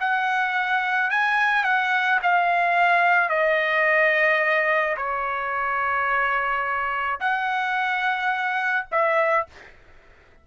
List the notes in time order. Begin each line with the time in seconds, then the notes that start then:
0.00 F#5
1.11 G#5
1.64 F#5
2.22 F5
3.29 D#5
4.97 C#5
7.20 F#5
8.91 E5